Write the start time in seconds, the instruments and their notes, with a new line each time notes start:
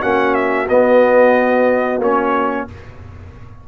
0.00 tuba A#3, trombone C#4, horn F#4, trumpet F#5
0.34 trumpet E5
0.69 trombone B3, tuba B3, trumpet D#5
1.98 tuba A#3, trombone C#4, trumpet C#5